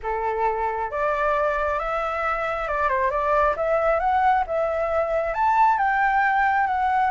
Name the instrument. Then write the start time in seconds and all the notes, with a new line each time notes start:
flute
0.02 A4
0.91 D5
1.79 E5
2.67 D5
2.88 C5
3.10 D5
3.56 E5
3.99 F#5
4.47 E5
5.33 A5
5.77 G5
6.66 F#5